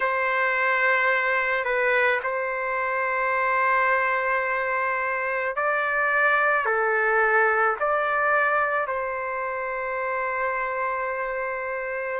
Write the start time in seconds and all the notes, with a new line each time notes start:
0.00 C5
1.64 B4
2.23 C5
5.56 D5
6.65 A4
7.79 D5
8.87 C5